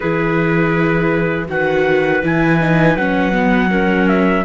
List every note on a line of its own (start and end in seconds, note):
0.00 1.48 E3
0.00 1.48 E4
0.00 1.47 G#4
0.00 1.48 B4
1.48 2.22 D#3
1.48 2.22 F#4
1.48 3.70 B4
1.48 2.24 F#5
2.22 2.96 E3
2.22 2.59 E4
2.22 2.97 G#5
2.60 2.97 D#4
2.96 4.44 F#3
2.96 3.32 C#4
2.96 4.08 F#5
3.32 3.69 B3
3.70 4.44 C#4
3.70 4.44 A#4
4.08 4.44 E5